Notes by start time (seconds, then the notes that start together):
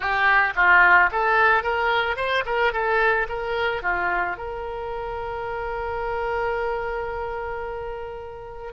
0.00 G4
0.55 F4
1.11 A4
1.63 A#4
2.16 C5
2.45 A#4
2.72 A4
3.28 A#4
3.82 F4
4.37 A#4